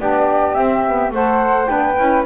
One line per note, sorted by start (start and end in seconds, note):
0.00 0.56 B3
0.00 0.55 D4
0.00 1.14 G4
0.00 0.55 D5
0.55 0.84 C4
0.55 1.11 C4
0.55 1.11 E5
0.86 1.15 B3
1.11 1.68 A3
1.11 1.66 A4
1.11 1.69 C5
1.11 1.66 F#5
1.66 1.98 B3
1.66 1.95 D4
1.66 2.26 B4
1.66 2.23 G5
1.98 2.26 C#4
1.98 2.26 E4